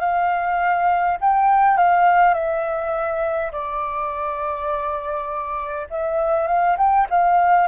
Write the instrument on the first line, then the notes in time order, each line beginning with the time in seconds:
flute
0.00 F5
1.21 G5
1.78 F5
2.34 E5
3.52 D5
5.90 E5
6.47 F5
6.78 G5
7.10 F5